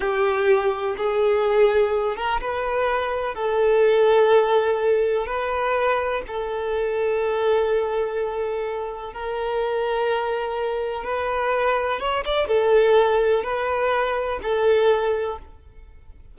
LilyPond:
\new Staff \with { instrumentName = "violin" } { \time 4/4 \tempo 4 = 125 g'2 gis'2~ | gis'8 ais'8 b'2 a'4~ | a'2. b'4~ | b'4 a'2.~ |
a'2. ais'4~ | ais'2. b'4~ | b'4 cis''8 d''8 a'2 | b'2 a'2 | }